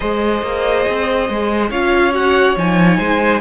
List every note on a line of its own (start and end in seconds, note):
0.00 0.42 G#3
0.00 1.69 G#4
0.00 1.69 C5
0.00 1.70 D#5
0.42 0.85 A#3
0.89 1.29 C4
1.29 1.70 G#3
1.69 2.56 C#4
1.69 2.12 F4
1.69 2.97 C#5
1.69 2.13 F5
2.12 2.55 F#4
2.12 2.57 F#5
2.56 2.99 F3
2.56 3.41 D#4
2.56 3.41 G#5
2.97 3.41 G#3
2.97 3.40 C5